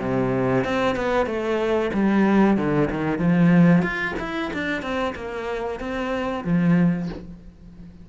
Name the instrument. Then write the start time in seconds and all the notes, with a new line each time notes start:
cello
0.00 C3
0.65 C4
0.96 B3
1.26 A3
1.94 G3
2.57 D3
2.91 D#3
3.19 F3
3.82 F4
4.20 E4
4.54 D4
4.82 C4
5.16 A#3
5.80 C4
6.45 F3